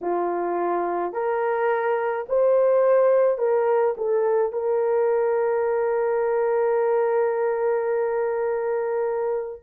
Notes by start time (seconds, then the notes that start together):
0.01 F4
1.13 A#4
2.28 C5
3.38 A#4
3.97 A4
4.52 A#4